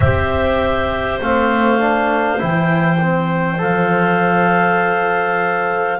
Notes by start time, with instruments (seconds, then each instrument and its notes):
0.00 double bass C4, trombone G4, clarinet C5 E5
1.21 double bass A3, trombone C4, clarinet F5
1.79 trombone D4
2.38 double bass E3, trombone E4, clarinet G5
3.00 trombone C4
3.58 double bass F3, trombone A4, clarinet F5